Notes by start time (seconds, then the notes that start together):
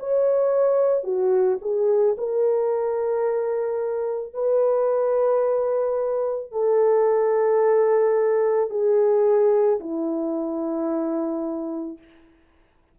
0.00 C#5
1.04 F#4
1.62 G#4
2.18 A#4
4.34 B4
6.52 A4
8.70 G#4
9.80 E4